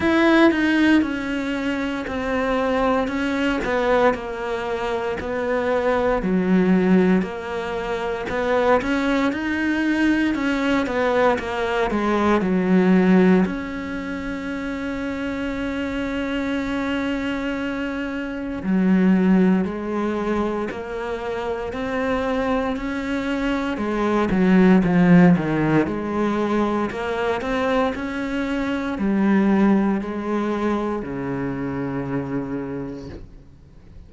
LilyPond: \new Staff \with { instrumentName = "cello" } { \time 4/4 \tempo 4 = 58 e'8 dis'8 cis'4 c'4 cis'8 b8 | ais4 b4 fis4 ais4 | b8 cis'8 dis'4 cis'8 b8 ais8 gis8 | fis4 cis'2.~ |
cis'2 fis4 gis4 | ais4 c'4 cis'4 gis8 fis8 | f8 dis8 gis4 ais8 c'8 cis'4 | g4 gis4 cis2 | }